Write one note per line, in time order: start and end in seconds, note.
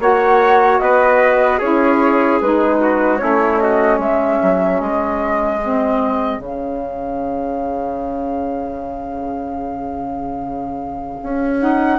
0.00 0.80 A#3
0.00 1.61 F#4
0.00 0.81 C#5
0.00 0.80 F#5
0.80 1.61 B3
0.80 1.59 B4
0.80 1.60 D#5
1.59 2.41 C#4
1.59 2.41 E4
1.59 2.79 G#4
1.59 2.40 C#5
2.41 3.22 G#3
2.41 3.19 D#4
2.41 3.18 B4
2.81 3.21 F#4
3.18 3.99 A3
3.18 5.58 C#4
3.18 3.62 E4
3.18 3.58 C#5
3.59 3.98 F#4
3.59 3.99 D#5
3.98 4.39 G#3
3.98 11.98 G#4
3.98 4.81 E5
4.43 4.81 F#3
4.81 6.39 G#3
4.81 6.41 D#5
5.63 6.41 C4
6.39 11.19 C#3
6.39 11.59 C#4
6.39 11.61 F5
11.23 11.99 C#4
11.59 11.99 D#4
11.59 11.99 F#5